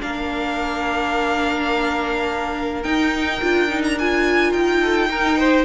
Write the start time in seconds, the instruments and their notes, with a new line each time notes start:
0.00 cello A#3, viola D4, violin A#4 F5
2.83 viola D#4, cello D#4, violin G5
3.42 cello D4, viola F4
3.69 viola D#4
3.84 violin A#5
3.99 viola F4, violin G#5
4.53 cello D#4, violin G5
4.81 violin A4
5.10 viola D#4, violin A#4
5.39 violin C5